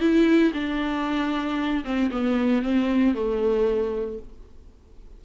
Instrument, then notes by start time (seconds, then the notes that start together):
viola
0.00 E4
0.54 D4
1.84 C4
2.11 B3
2.62 C4
3.14 A3